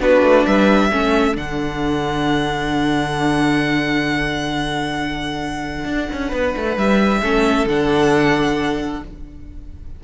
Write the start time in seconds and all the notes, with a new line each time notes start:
0.00 B3 D4 F#4 B4
0.23 A3
0.47 G3 B4 E5
0.90 A3 C#4 A4
1.35 D3 D4 F#5
5.86 D4
6.13 C#4
6.29 B3 B4
6.57 A3
6.77 G3 E5
7.22 A3 C#4 A4
7.66 D3 D4 F#5